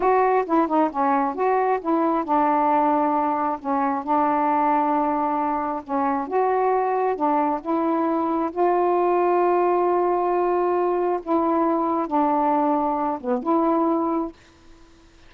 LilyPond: \new Staff \with { instrumentName = "saxophone" } { \time 4/4 \tempo 4 = 134 fis'4 e'8 dis'8 cis'4 fis'4 | e'4 d'2. | cis'4 d'2.~ | d'4 cis'4 fis'2 |
d'4 e'2 f'4~ | f'1~ | f'4 e'2 d'4~ | d'4. b8 e'2 | }